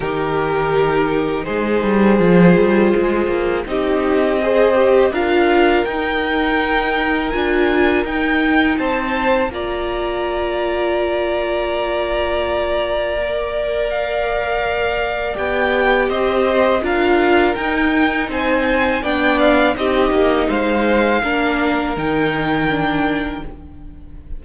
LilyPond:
<<
  \new Staff \with { instrumentName = "violin" } { \time 4/4 \tempo 4 = 82 ais'2 c''2~ | c''4 dis''2 f''4 | g''2 gis''4 g''4 | a''4 ais''2.~ |
ais''2. f''4~ | f''4 g''4 dis''4 f''4 | g''4 gis''4 g''8 f''8 dis''4 | f''2 g''2 | }
  \new Staff \with { instrumentName = "violin" } { \time 4/4 g'2 gis'2~ | gis'4 g'4 c''4 ais'4~ | ais'1 | c''4 d''2.~ |
d''1~ | d''2 c''4 ais'4~ | ais'4 c''4 d''4 g'4 | c''4 ais'2. | }
  \new Staff \with { instrumentName = "viola" } { \time 4/4 dis'2. f'4~ | f'4 dis'4 gis'8 g'8 f'4 | dis'2 f'4 dis'4~ | dis'4 f'2.~ |
f'2 ais'2~ | ais'4 g'2 f'4 | dis'2 d'4 dis'4~ | dis'4 d'4 dis'4 d'4 | }
  \new Staff \with { instrumentName = "cello" } { \time 4/4 dis2 gis8 g8 f8 g8 | gis8 ais8 c'2 d'4 | dis'2 d'4 dis'4 | c'4 ais2.~ |
ais1~ | ais4 b4 c'4 d'4 | dis'4 c'4 b4 c'8 ais8 | gis4 ais4 dis2 | }
>>